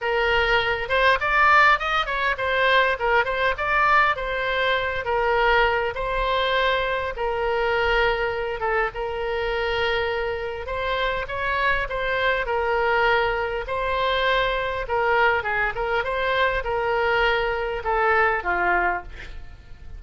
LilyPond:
\new Staff \with { instrumentName = "oboe" } { \time 4/4 \tempo 4 = 101 ais'4. c''8 d''4 dis''8 cis''8 | c''4 ais'8 c''8 d''4 c''4~ | c''8 ais'4. c''2 | ais'2~ ais'8 a'8 ais'4~ |
ais'2 c''4 cis''4 | c''4 ais'2 c''4~ | c''4 ais'4 gis'8 ais'8 c''4 | ais'2 a'4 f'4 | }